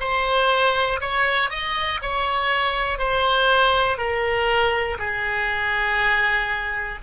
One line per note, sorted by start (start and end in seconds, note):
0.00 1.00 C5
1.00 1.50 C#5
1.50 2.00 D#5
2.02 2.98 C#5
2.98 3.97 C5
3.97 4.97 A#4
4.98 6.98 G#4